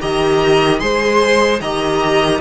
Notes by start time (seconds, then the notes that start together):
0.00 D#3 G4 D#5 A#5
0.79 G#3 G#4 C5 C6
1.60 D#3 G4 D#5 A#5